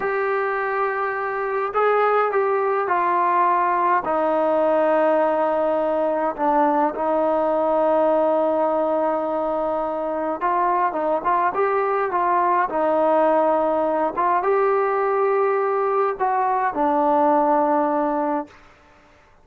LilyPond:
\new Staff \with { instrumentName = "trombone" } { \time 4/4 \tempo 4 = 104 g'2. gis'4 | g'4 f'2 dis'4~ | dis'2. d'4 | dis'1~ |
dis'2 f'4 dis'8 f'8 | g'4 f'4 dis'2~ | dis'8 f'8 g'2. | fis'4 d'2. | }